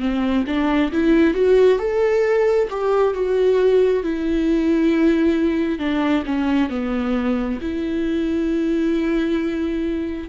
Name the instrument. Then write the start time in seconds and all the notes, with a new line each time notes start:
viola
0.00 C4
0.47 D4
0.92 E4
1.34 F#4
1.79 A4
2.70 G4
3.14 F#4
4.03 E4
5.79 D4
6.26 C#4
6.70 B3
7.61 E4